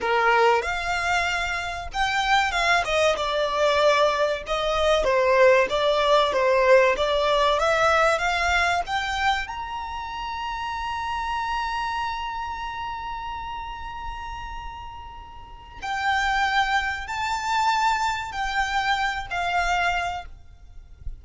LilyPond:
\new Staff \with { instrumentName = "violin" } { \time 4/4 \tempo 4 = 95 ais'4 f''2 g''4 | f''8 dis''8 d''2 dis''4 | c''4 d''4 c''4 d''4 | e''4 f''4 g''4 ais''4~ |
ais''1~ | ais''1~ | ais''4 g''2 a''4~ | a''4 g''4. f''4. | }